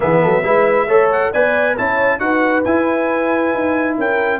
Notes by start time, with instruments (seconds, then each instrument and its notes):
0.00 tuba E3, trombone B3, horn G#4, trumpet E5
0.21 tuba F#3, horn A4
0.43 tuba G#3, trombone E4, horn B4
0.87 tuba A3, trombone A4, horn C#5
1.11 trumpet F#5
1.32 tuba B3, trombone B4, horn D5, trumpet G#5
1.77 tuba C#4, trombone E4, horn C#5, trumpet A5
2.19 tuba D#4, trombone F#4, horn B4, trumpet F#5
2.64 tuba E4, trombone E4, trumpet G#5
3.54 tuba D#4
3.97 tuba C#4, horn A#4, trumpet G5